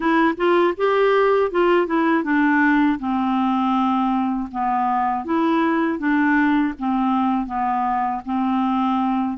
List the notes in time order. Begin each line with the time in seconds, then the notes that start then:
0.00 E4
0.36 F4
0.77 G4
1.51 F4
1.86 E4
2.23 D4
2.99 C4
4.51 B3
5.24 E4
5.98 D4
6.79 C4
7.46 B3
8.25 C4